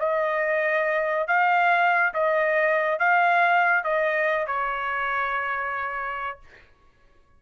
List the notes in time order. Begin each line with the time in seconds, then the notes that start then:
0.00 D#5
1.28 F5
2.14 D#5
3.00 F5
3.84 D#5
4.47 C#5